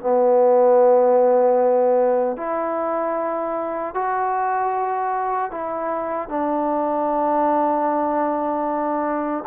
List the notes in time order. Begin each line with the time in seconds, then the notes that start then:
0.00 B3
2.37 E4
3.94 F#4
5.51 E4
6.29 D4